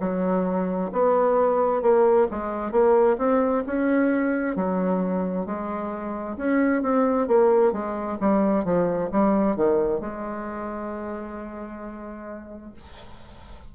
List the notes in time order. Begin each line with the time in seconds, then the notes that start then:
0.00 F#3
0.92 B3
1.82 A#3
2.31 G#3
2.71 A#3
3.18 C4
3.67 C#4
4.56 F#3
5.46 G#3
6.37 C#4
6.83 C4
7.28 A#3
7.72 G#3
8.21 G3
8.64 F3
9.12 G3
9.56 D#3
10.01 G#3